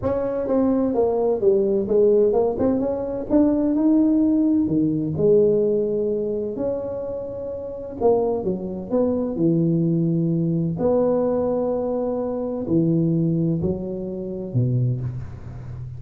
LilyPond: \new Staff \with { instrumentName = "tuba" } { \time 4/4 \tempo 4 = 128 cis'4 c'4 ais4 g4 | gis4 ais8 c'8 cis'4 d'4 | dis'2 dis4 gis4~ | gis2 cis'2~ |
cis'4 ais4 fis4 b4 | e2. b4~ | b2. e4~ | e4 fis2 b,4 | }